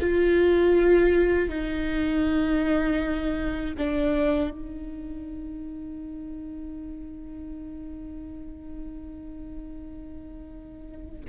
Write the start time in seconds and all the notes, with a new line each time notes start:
0.00 F4
1.49 D#4
3.77 D4
4.50 D#4